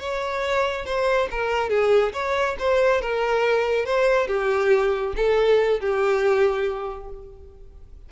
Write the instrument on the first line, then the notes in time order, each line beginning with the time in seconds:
violin
0.00 C#5
0.86 C5
1.31 A#4
1.70 G#4
2.13 C#5
2.59 C5
3.02 A#4
3.86 C5
4.28 G4
5.17 A4
5.80 G4